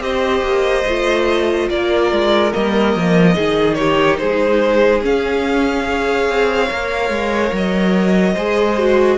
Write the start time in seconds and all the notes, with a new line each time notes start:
0.00 C4 G4 C5 D#5
0.43 A#3
0.86 A3 F4
1.69 A#3 A#4 D5
2.11 G#3
2.52 G3 A#3 D#5
2.95 F3
3.34 D#3 D#4 G#4
3.74 G4 C#5
4.17 G#3 G#4 C5
5.01 C#4 F5
5.83 G#4 C#5
6.28 C4
6.70 A#3 A#4
7.09 G#3
7.52 F#3 D#5
8.34 G#3 G#4 C5
8.77 F#4